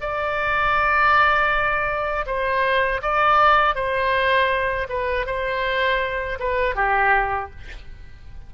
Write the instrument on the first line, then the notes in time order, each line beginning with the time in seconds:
oboe
0.00 D5
2.26 C5
3.02 D5
3.75 C5
4.89 B4
5.26 C5
6.39 B4
6.75 G4